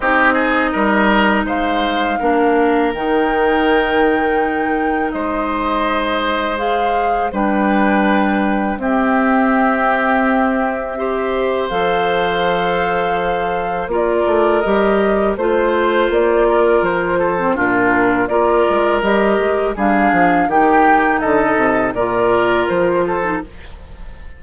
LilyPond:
<<
  \new Staff \with { instrumentName = "flute" } { \time 4/4 \tempo 4 = 82 dis''2 f''2 | g''2. dis''4~ | dis''4 f''4 g''2 | e''1 |
f''2. d''4 | dis''4 c''4 d''4 c''4 | ais'4 d''4 dis''4 f''4 | g''4 dis''4 d''4 c''4 | }
  \new Staff \with { instrumentName = "oboe" } { \time 4/4 g'8 gis'8 ais'4 c''4 ais'4~ | ais'2. c''4~ | c''2 b'2 | g'2. c''4~ |
c''2. ais'4~ | ais'4 c''4. ais'4 a'8 | f'4 ais'2 gis'4 | g'4 a'4 ais'4. a'8 | }
  \new Staff \with { instrumentName = "clarinet" } { \time 4/4 dis'2. d'4 | dis'1~ | dis'4 gis'4 d'2 | c'2. g'4 |
a'2. f'4 | g'4 f'2~ f'8. c'16 | d'4 f'4 g'4 d'4 | dis'2 f'4.~ f'16 dis'16 | }
  \new Staff \with { instrumentName = "bassoon" } { \time 4/4 c'4 g4 gis4 ais4 | dis2. gis4~ | gis2 g2 | c'1 |
f2. ais8 a8 | g4 a4 ais4 f4 | ais,4 ais8 gis8 g8 gis8 g8 f8 | dis4 d8 c8 ais,4 f4 | }
>>